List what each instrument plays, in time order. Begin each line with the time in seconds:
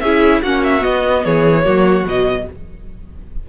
0.00 cello C#4, viola E4, violin G#4 E5
0.42 cello A#3, viola C#4, violin F#4 F#5
0.63 violin E5
0.80 viola B3, cello B3, violin D#5
1.24 cello E3, violin G#4 C#5
1.64 cello F#3, viola A#3, violin F#4
2.03 cello B2, viola F#3, violin D#5